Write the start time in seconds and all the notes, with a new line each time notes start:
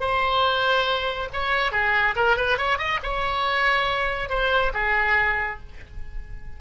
0.00 C5
1.33 C#5
1.72 G#4
2.15 A#4
2.37 B4
2.58 C#5
2.78 D#5
3.03 C#5
4.29 C5
4.74 G#4